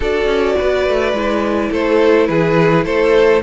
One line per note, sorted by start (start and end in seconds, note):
0.00 0.25 D4
0.00 1.15 F#4
0.00 0.56 A4
0.00 1.73 D5
0.25 0.54 C#4
0.58 0.88 B3
0.58 1.70 B4
0.88 1.12 A3
1.12 1.70 G#3
1.12 3.43 E4
1.70 2.28 A3
1.70 2.27 A4
1.70 2.26 C5
2.26 2.85 E3
2.26 2.85 G#4
2.26 2.84 B4
2.85 3.42 A3
2.85 3.42 A4
2.85 3.42 C5